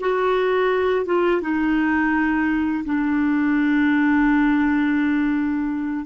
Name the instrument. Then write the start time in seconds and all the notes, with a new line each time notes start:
clarinet
0.00 F#4
1.05 F4
1.41 D#4
2.85 D4